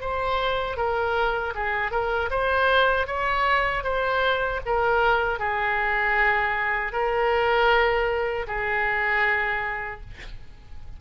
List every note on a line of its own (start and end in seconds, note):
0.00 0.77 C5
0.77 1.53 A#4
1.55 1.91 G#4
1.91 2.29 A#4
2.30 3.07 C5
3.07 3.83 C#5
3.83 4.60 C5
4.65 5.39 A#4
5.39 6.92 G#4
6.92 8.46 A#4
8.47 10.01 G#4